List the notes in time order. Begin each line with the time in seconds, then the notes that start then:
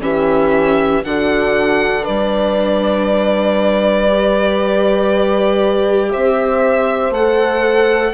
0.00 E3 C#4 G4 E5
1.04 D3 D4 F#4 F#5
2.02 G3 B4 D5
4.07 G4
6.11 C4 C5 E5
7.10 A3 A4 F#5